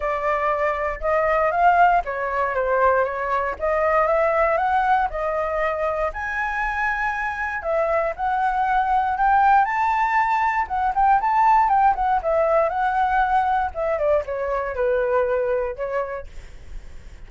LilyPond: \new Staff \with { instrumentName = "flute" } { \time 4/4 \tempo 4 = 118 d''2 dis''4 f''4 | cis''4 c''4 cis''4 dis''4 | e''4 fis''4 dis''2 | gis''2. e''4 |
fis''2 g''4 a''4~ | a''4 fis''8 g''8 a''4 g''8 fis''8 | e''4 fis''2 e''8 d''8 | cis''4 b'2 cis''4 | }